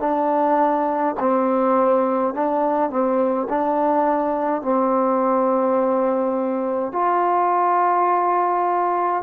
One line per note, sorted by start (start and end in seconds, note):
0.00 1.15 D4
1.20 2.34 C4
2.34 2.91 D4
2.91 3.48 C4
3.50 4.63 D4
4.63 6.93 C4
6.93 9.24 F4